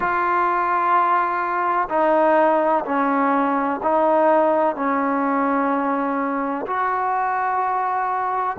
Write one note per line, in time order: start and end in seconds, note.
0.00 1.88 F4
1.89 2.84 D#4
2.85 3.80 C#4
3.83 4.75 D#4
4.75 6.66 C#4
6.66 8.56 F#4